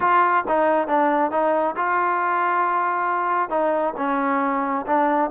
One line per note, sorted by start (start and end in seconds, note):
0.00 0.44 F4
0.48 0.87 D#4
0.87 1.31 D4
1.31 1.75 D#4
1.76 3.49 F4
3.49 3.93 D#4
3.97 4.85 C#4
4.86 5.30 D4